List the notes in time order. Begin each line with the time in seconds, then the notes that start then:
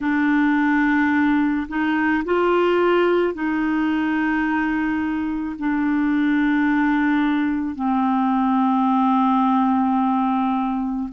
0.00 D4
1.68 D#4
2.24 F4
3.33 D#4
5.59 D4
7.75 C4